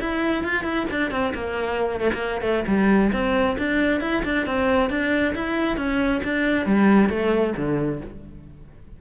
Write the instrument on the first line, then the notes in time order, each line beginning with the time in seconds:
cello
0.00 E4
0.44 F4
0.64 E4
0.90 D4
1.11 C4
1.34 A#3
2.00 A3
2.13 A#3
2.41 A3
2.67 G3
3.13 C4
3.58 D4
4.00 E4
4.24 D4
4.46 C4
4.89 D4
5.35 E4
5.77 C#4
6.24 D4
6.66 G3
7.09 A3
7.56 D3